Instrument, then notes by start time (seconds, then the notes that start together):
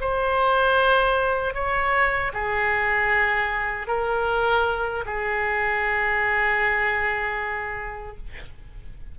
oboe
0.00 C5
1.53 C#5
2.33 G#4
3.87 A#4
5.05 G#4